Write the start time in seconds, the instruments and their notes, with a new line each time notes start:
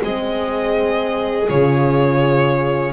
0.00 double bass G#3, horn C4, violin G#4 D#5
1.49 double bass C#3, horn F4, violin C#5